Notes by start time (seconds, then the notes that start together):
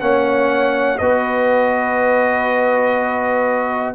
0.00 A#3 C#4 C#5 F#5
0.98 B3 F#4 B4 D#5